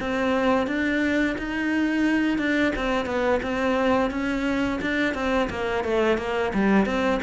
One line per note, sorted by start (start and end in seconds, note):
0.00 0.67 C4
0.67 1.36 D4
1.38 2.38 D#4
2.38 2.72 D4
2.75 3.06 C4
3.06 3.40 B3
3.42 4.10 C4
4.10 4.79 C#4
4.81 5.14 D4
5.14 5.49 C4
5.50 5.84 A#3
5.84 6.18 A3
6.18 6.52 A#3
6.53 6.86 G3
6.86 7.20 C4